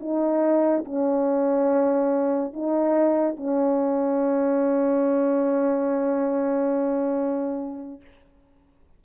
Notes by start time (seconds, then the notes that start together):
0.00 D#4
0.85 C#4
2.54 D#4
3.36 C#4